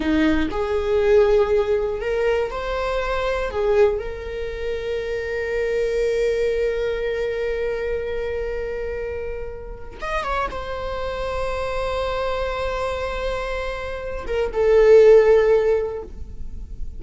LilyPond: \new Staff \with { instrumentName = "viola" } { \time 4/4 \tempo 4 = 120 dis'4 gis'2. | ais'4 c''2 gis'4 | ais'1~ | ais'1~ |
ais'1 | dis''8 cis''8 c''2.~ | c''1~ | c''8 ais'8 a'2. | }